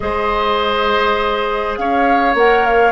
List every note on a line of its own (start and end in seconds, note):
0.00 1.78 G#3
0.00 2.35 G#4
0.00 1.78 C5
0.00 1.75 D#5
1.76 2.34 C#4
1.76 2.91 C#5
1.76 2.35 F5
2.34 2.91 A#3
2.34 2.91 A#4
2.34 2.65 F#5
2.65 2.91 F5